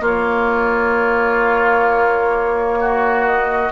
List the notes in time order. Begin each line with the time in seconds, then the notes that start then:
0.00 A#3 F4
0.07 C#5
2.81 F#4
3.26 D#5